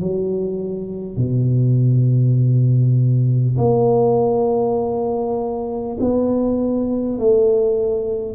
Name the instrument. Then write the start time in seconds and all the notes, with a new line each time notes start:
tuba
0.00 F#3
1.17 B2
3.57 A#3
6.00 B3
7.18 A3